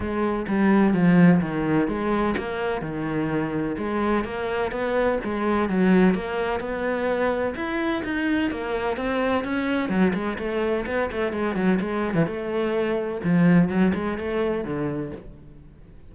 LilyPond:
\new Staff \with { instrumentName = "cello" } { \time 4/4 \tempo 4 = 127 gis4 g4 f4 dis4 | gis4 ais4 dis2 | gis4 ais4 b4 gis4 | fis4 ais4 b2 |
e'4 dis'4 ais4 c'4 | cis'4 fis8 gis8 a4 b8 a8 | gis8 fis8 gis8. e16 a2 | f4 fis8 gis8 a4 d4 | }